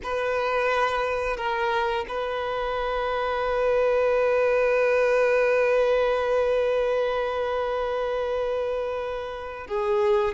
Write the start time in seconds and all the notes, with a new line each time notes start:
0.03 B4
1.36 A#4
2.08 B4
9.67 G#4